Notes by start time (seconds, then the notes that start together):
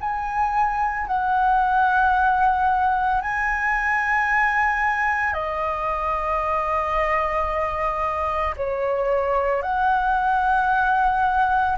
0.00 G#5
1.07 F#5
3.21 G#5
5.33 D#5
8.57 C#5
9.62 F#5